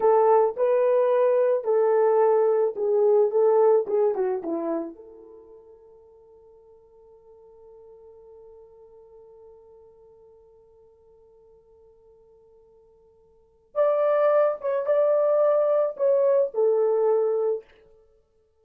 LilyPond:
\new Staff \with { instrumentName = "horn" } { \time 4/4 \tempo 4 = 109 a'4 b'2 a'4~ | a'4 gis'4 a'4 gis'8 fis'8 | e'4 a'2.~ | a'1~ |
a'1~ | a'1~ | a'4 d''4. cis''8 d''4~ | d''4 cis''4 a'2 | }